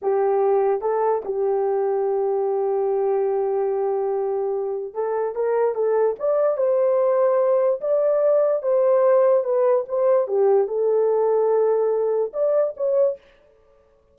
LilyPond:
\new Staff \with { instrumentName = "horn" } { \time 4/4 \tempo 4 = 146 g'2 a'4 g'4~ | g'1~ | g'1 | a'4 ais'4 a'4 d''4 |
c''2. d''4~ | d''4 c''2 b'4 | c''4 g'4 a'2~ | a'2 d''4 cis''4 | }